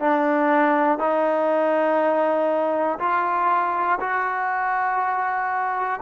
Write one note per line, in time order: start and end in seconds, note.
0.00 0.99 D4
0.99 2.99 D#4
3.00 4.00 F4
4.01 6.01 F#4